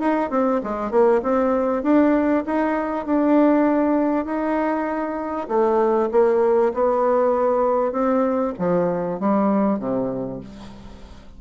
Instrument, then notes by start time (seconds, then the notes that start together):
bassoon
0.00 D#4
0.31 C4
0.64 G#3
0.91 A#3
1.23 C4
1.83 D4
2.46 D#4
3.06 D4
4.26 D#4
5.48 A3
6.12 A#3
6.74 B3
7.93 C4
8.59 F3
9.20 G3
9.79 C3